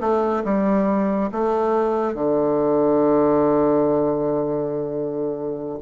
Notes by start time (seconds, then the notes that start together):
0.00 A3
0.44 G3
1.32 A3
2.14 D3